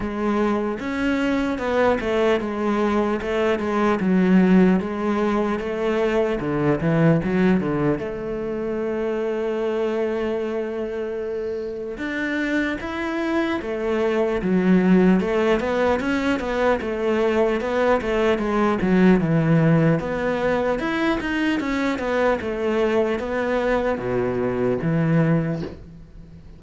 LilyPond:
\new Staff \with { instrumentName = "cello" } { \time 4/4 \tempo 4 = 75 gis4 cis'4 b8 a8 gis4 | a8 gis8 fis4 gis4 a4 | d8 e8 fis8 d8 a2~ | a2. d'4 |
e'4 a4 fis4 a8 b8 | cis'8 b8 a4 b8 a8 gis8 fis8 | e4 b4 e'8 dis'8 cis'8 b8 | a4 b4 b,4 e4 | }